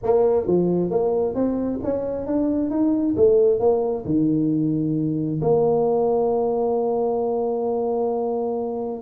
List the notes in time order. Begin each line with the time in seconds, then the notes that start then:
0.03 A#3
0.46 F3
0.90 A#3
1.35 C4
1.83 C#4
2.26 D4
2.70 D#4
3.16 A3
3.59 A#3
4.05 D#3
5.41 A#3